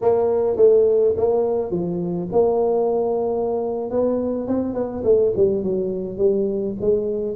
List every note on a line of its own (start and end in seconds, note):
0.01 0.56 A#3
0.56 1.14 A3
1.16 1.70 A#3
1.70 2.28 F3
2.32 3.90 A#3
3.90 4.47 B3
4.47 4.74 C4
4.74 5.02 B3
5.03 5.32 A3
5.36 5.63 G3
5.63 6.17 F#3
6.17 6.75 G3
6.81 7.36 G#3